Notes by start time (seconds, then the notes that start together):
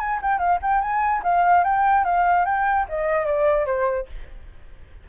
0.00 G#5
0.22 G5
0.38 F5
0.62 G5
0.81 G#5
1.23 F5
1.64 G5
2.04 F5
2.45 G5
2.89 D#5
3.26 D5
3.66 C5